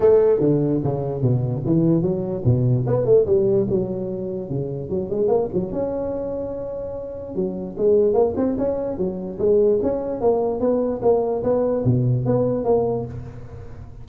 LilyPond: \new Staff \with { instrumentName = "tuba" } { \time 4/4 \tempo 4 = 147 a4 d4 cis4 b,4 | e4 fis4 b,4 b8 a8 | g4 fis2 cis4 | fis8 gis8 ais8 fis8 cis'2~ |
cis'2 fis4 gis4 | ais8 c'8 cis'4 fis4 gis4 | cis'4 ais4 b4 ais4 | b4 b,4 b4 ais4 | }